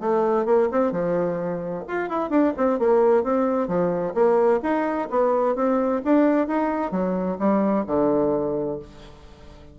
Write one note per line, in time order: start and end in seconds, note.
0.00 0.46 A3
0.46 0.69 A#3
0.72 0.92 C4
0.92 1.85 F3
1.88 2.09 F4
2.09 2.30 E4
2.30 2.53 D4
2.57 2.79 C4
2.79 3.23 A#3
3.23 3.68 C4
3.68 4.14 F3
4.14 4.60 A#3
4.63 5.09 D#4
5.10 5.56 B3
5.56 6.02 C4
6.05 6.48 D4
6.48 6.92 D#4
6.92 7.38 F#3
7.39 7.85 G3
7.87 8.79 D3